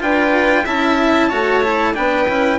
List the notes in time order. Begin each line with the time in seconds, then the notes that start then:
0.00 D4 F4 B4 G5
0.65 C#4 E4 E5 A5
1.29 A3 F#4 C#5
1.63 E4
1.94 B3 D4 B4 G5
2.27 C#4 E4